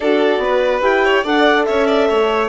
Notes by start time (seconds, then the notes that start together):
0.00 D4 F#4 A4 D5
0.38 B3 B4
0.81 E4 G4 G5
1.04 C#5
1.23 D4 A4 D5 F#5
1.64 C#4 C#5 E5
1.86 D5
2.09 A3 C#5